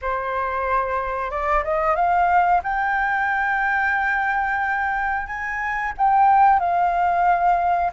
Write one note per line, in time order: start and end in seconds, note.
0.01 1.30 C5
1.30 1.63 D5
1.64 1.95 D#5
1.95 2.61 F5
2.63 5.27 G5
5.27 5.93 G#5
5.97 6.59 G5
6.59 7.91 F5